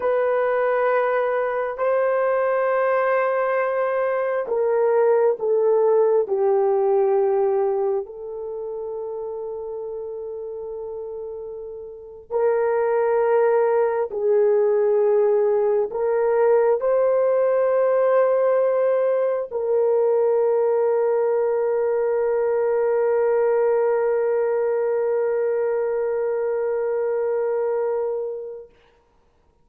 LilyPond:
\new Staff \with { instrumentName = "horn" } { \time 4/4 \tempo 4 = 67 b'2 c''2~ | c''4 ais'4 a'4 g'4~ | g'4 a'2.~ | a'4.~ a'16 ais'2 gis'16~ |
gis'4.~ gis'16 ais'4 c''4~ c''16~ | c''4.~ c''16 ais'2~ ais'16~ | ais'1~ | ais'1 | }